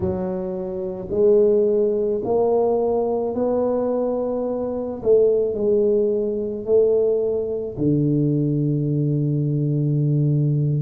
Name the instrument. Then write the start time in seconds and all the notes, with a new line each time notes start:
tuba
0.00 F#3
1.10 G#3
2.24 A#3
3.34 B3
5.03 A3
5.54 G#3
6.65 A3
7.77 D3